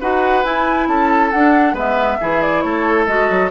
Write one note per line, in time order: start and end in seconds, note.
0.00 0.44 D#4
0.00 0.44 F#4
0.00 0.88 B4
0.00 0.43 F#5
0.43 0.87 E4
0.43 1.31 E4
0.43 0.87 G#5
0.87 1.31 C#4
0.87 1.73 A4
0.87 1.31 A5
1.31 1.73 D4
1.31 1.75 D4
1.31 1.75 F#5
1.73 2.17 G#3
1.73 2.19 B3
1.73 2.17 B4
1.73 2.42 E5
2.20 2.64 E3
2.20 3.07 E4
2.20 2.64 G#4
2.42 2.61 D5
2.61 3.07 A3
2.61 3.51 A4
2.61 3.04 C#5
3.06 3.29 G#3
3.06 3.51 F#4
3.06 3.50 D#5
3.29 3.51 F#3